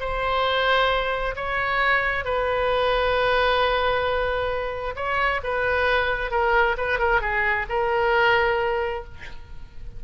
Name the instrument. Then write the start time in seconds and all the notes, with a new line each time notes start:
oboe
0.00 C5
1.36 C#5
2.25 B4
4.96 C#5
5.44 B4
6.31 A#4
6.78 B4
6.99 A#4
7.21 G#4
7.69 A#4